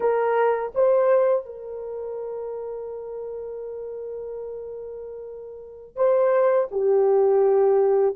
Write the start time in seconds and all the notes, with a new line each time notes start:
0.00 A#4
0.74 C5
1.45 A#4
5.95 C5
6.71 G4